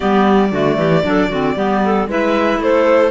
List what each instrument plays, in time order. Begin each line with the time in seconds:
0.00 cello G3, clarinet B3 G4, violin D5
0.51 cello D3, clarinet A3 F#4
0.77 cello E3, clarinet G4
1.03 cello F#3, clarinet D4 A4
1.28 cello D3, clarinet C4 F#4
1.55 cello G3, clarinet B3 G4
1.83 clarinet A4
2.07 cello G#3, clarinet E4 B4, violin E5
2.58 cello A3, clarinet A4, violin C5